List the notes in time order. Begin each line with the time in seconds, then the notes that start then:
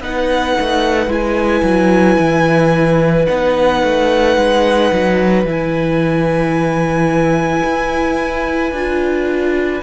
0.00 B3 D#4 B4 F#5
0.60 A3
1.07 G#3 E4 G#5
1.62 F#3
2.18 E3
3.25 B3 D#4 F#5
3.83 A3
4.37 G#3
4.92 F#3
5.44 E3 E4 G#5
7.63 E4
8.71 D4 F4